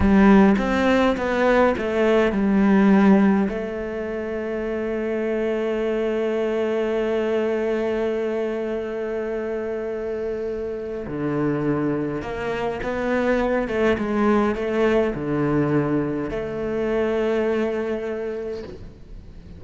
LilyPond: \new Staff \with { instrumentName = "cello" } { \time 4/4 \tempo 4 = 103 g4 c'4 b4 a4 | g2 a2~ | a1~ | a1~ |
a2. d4~ | d4 ais4 b4. a8 | gis4 a4 d2 | a1 | }